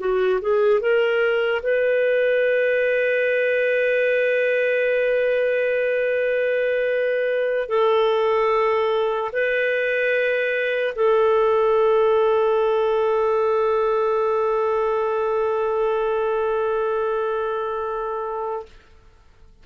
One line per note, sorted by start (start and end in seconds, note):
0.00 0.41 F#4
0.41 0.81 G#4
0.81 1.62 A#4
1.63 7.69 B4
7.69 9.31 A4
9.32 10.95 B4
10.96 18.66 A4